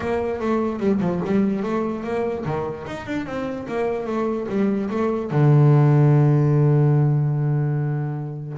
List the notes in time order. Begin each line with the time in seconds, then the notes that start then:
0.00 A#3
0.40 A3
0.79 G3
1.00 F3
1.25 G3
1.63 A3
2.03 A#3
2.45 D#3
2.87 D#4
3.06 D4
3.26 C4
3.68 A#3
4.06 A3
4.48 G3
4.90 A3
5.30 D3